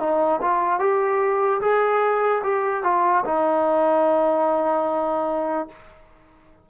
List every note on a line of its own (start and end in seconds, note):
0.00 0.41 D#4
0.42 0.80 F4
0.80 1.61 G4
1.61 2.43 G#4
2.44 2.84 G4
2.84 3.24 F4
3.25 5.68 D#4